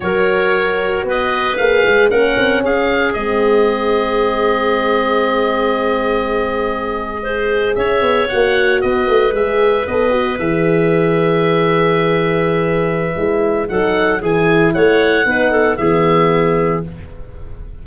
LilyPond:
<<
  \new Staff \with { instrumentName = "oboe" } { \time 4/4 \tempo 4 = 114 cis''2 dis''4 f''4 | fis''4 f''4 dis''2~ | dis''1~ | dis''2~ dis''8. e''4 fis''16~ |
fis''8. dis''4 e''4 dis''4 e''16~ | e''1~ | e''2 fis''4 gis''4 | fis''2 e''2 | }
  \new Staff \with { instrumentName = "clarinet" } { \time 4/4 ais'2 b'2 | ais'4 gis'2.~ | gis'1~ | gis'4.~ gis'16 c''4 cis''4~ cis''16~ |
cis''8. b'2.~ b'16~ | b'1~ | b'2 a'4 gis'4 | cis''4 b'8 a'8 gis'2 | }
  \new Staff \with { instrumentName = "horn" } { \time 4/4 fis'2. gis'4 | cis'2 c'2~ | c'1~ | c'4.~ c'16 gis'2 fis'16~ |
fis'4.~ fis'16 gis'4 a'8 fis'8 gis'16~ | gis'1~ | gis'4 e'4 dis'4 e'4~ | e'4 dis'4 b2 | }
  \new Staff \with { instrumentName = "tuba" } { \time 4/4 fis2 b4 ais8 gis8 | ais8 c'8 cis'4 gis2~ | gis1~ | gis2~ gis8. cis'8 b8 ais16~ |
ais8. b8 a8 gis4 b4 e16~ | e1~ | e4 gis4 fis4 e4 | a4 b4 e2 | }
>>